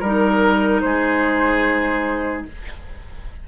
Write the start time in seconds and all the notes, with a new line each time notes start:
0.00 G3 D#4 A#4
0.81 G#3 G#4 C5